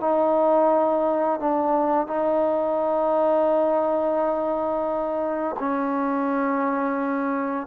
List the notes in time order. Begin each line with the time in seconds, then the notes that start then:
0.00 D#4
1.40 D4
2.06 D#4
5.59 C#4